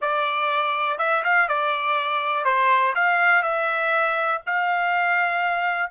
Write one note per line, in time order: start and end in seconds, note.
0.01 0.98 D5
0.98 1.23 E5
1.23 1.48 F5
1.48 2.44 D5
2.44 2.94 C5
2.95 3.42 F5
3.42 4.41 E5
4.46 5.90 F5